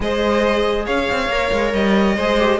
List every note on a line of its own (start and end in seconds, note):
0.00 0.86 G#3
0.00 1.31 G#4
0.00 0.85 C5
0.00 0.86 D#5
0.85 1.09 C#4
0.85 2.16 C#5
0.85 1.72 F5
1.10 1.28 C4
1.28 1.50 A#3
1.28 2.17 A#4
1.52 1.73 G#3
1.73 2.16 G3
1.73 2.60 D#5
2.16 2.60 G#3
2.16 2.39 G#4
2.16 2.59 C5
2.39 2.60 G4